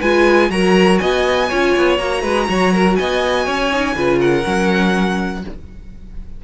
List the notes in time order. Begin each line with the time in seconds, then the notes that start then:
0.00 G#3 F4 B4 G#5
0.50 F#3 F#4 A#4 A#5
0.98 B3 D#5 G#5
1.49 C#4 F4 C#5
1.77 B3
1.97 A#3 F#4 A#5
2.22 G#3 B4
2.49 F#3 C#5
2.73 A#4
2.96 B3 D#5 G#5
3.45 C#4 C#5
3.72 D#4
3.95 C#3 F4 B4
4.19 A#4 F#5
4.43 F#3 C#4